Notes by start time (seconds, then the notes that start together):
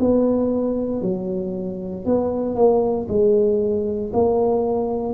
0.00 B3
1.02 F#3
2.05 B3
2.55 A#3
3.08 G#3
4.13 A#3